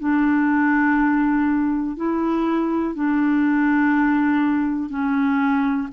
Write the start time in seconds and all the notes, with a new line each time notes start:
0.00 D4
1.97 E4
2.95 D4
4.90 C#4